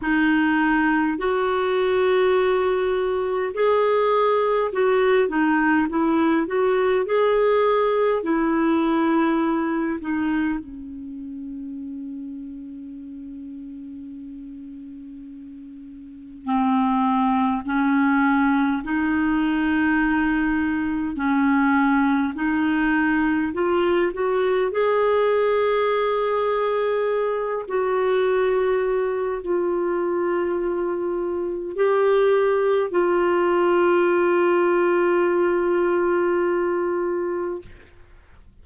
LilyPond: \new Staff \with { instrumentName = "clarinet" } { \time 4/4 \tempo 4 = 51 dis'4 fis'2 gis'4 | fis'8 dis'8 e'8 fis'8 gis'4 e'4~ | e'8 dis'8 cis'2.~ | cis'2 c'4 cis'4 |
dis'2 cis'4 dis'4 | f'8 fis'8 gis'2~ gis'8 fis'8~ | fis'4 f'2 g'4 | f'1 | }